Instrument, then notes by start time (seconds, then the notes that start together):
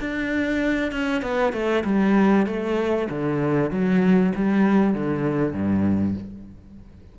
cello
0.00 D4
0.92 C#4
1.22 B3
1.53 A3
1.84 G3
2.47 A3
3.10 D3
3.71 F#3
4.35 G3
4.94 D3
5.53 G2